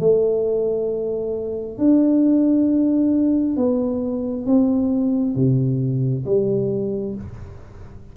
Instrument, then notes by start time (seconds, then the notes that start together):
tuba
0.00 A3
1.78 D4
3.57 B3
4.47 C4
5.36 C3
6.26 G3